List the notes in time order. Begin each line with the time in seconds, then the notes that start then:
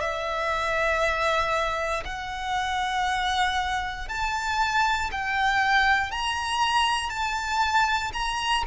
0.00 E5
2.05 F#5
4.09 A5
5.11 G5
6.11 A#5
7.10 A5
8.13 A#5